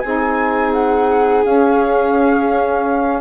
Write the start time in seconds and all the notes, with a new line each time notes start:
0.00 C4 D#4 G#4 G#5
0.73 F#5
1.45 C#4 F5